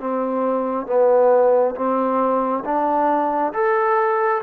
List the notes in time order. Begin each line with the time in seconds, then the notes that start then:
0.00 C4
0.87 B3
1.75 C4
2.65 D4
3.53 A4